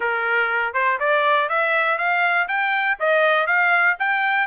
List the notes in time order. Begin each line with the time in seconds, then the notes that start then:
0.00 A#4
0.73 C5
0.99 D5
1.49 E5
1.98 F5
2.48 G5
2.99 D#5
3.47 F5
3.99 G5